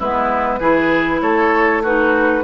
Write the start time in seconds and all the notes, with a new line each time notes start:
0.00 G#3 B3 E4 B4
0.60 E3 E4 G#4
1.22 A3 A4 C#5
1.83 D#4 F#4 B4